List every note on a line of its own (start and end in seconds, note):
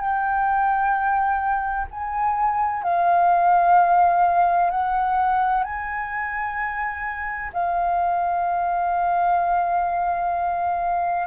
0.00 1.87 G5
1.91 2.83 G#5
2.83 4.71 F5
4.71 5.64 F#5
5.64 7.51 G#5
7.53 11.27 F5